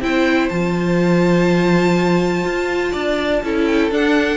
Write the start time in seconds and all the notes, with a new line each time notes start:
0.00 C4 E4 C5 G5
0.48 F3 F4 A5
2.44 F4
2.91 D4 D5
3.43 C#4 E4 A4
3.65 G5
3.91 D4 F#5